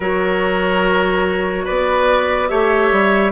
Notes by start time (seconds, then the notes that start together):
0.00 F#3 F#4 A#4 C#5
1.64 B3 B4 D5
2.48 A3 G4 C#5 E5
2.91 G3